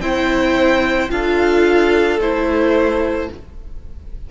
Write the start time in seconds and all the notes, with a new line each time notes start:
0.00 C4 E4 C5 G5
1.10 D4 F4 A4 F5
2.20 A3 E4 C5